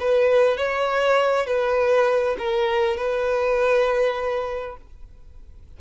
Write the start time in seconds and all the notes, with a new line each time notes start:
0.00 B4
0.57 C#5
1.46 B4
2.38 A#4
2.97 B4